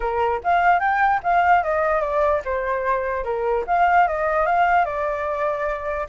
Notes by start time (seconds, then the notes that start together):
0.00 A#4
0.43 F5
0.79 G5
1.23 F5
1.63 D#5
2.01 D5
2.45 C5
3.24 A#4
3.67 F5
4.07 D#5
4.46 F5
4.85 D5